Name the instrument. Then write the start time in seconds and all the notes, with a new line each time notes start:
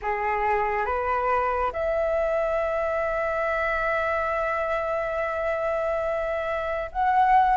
flute
0.01 G#4
0.85 B4
1.72 E5
6.92 F#5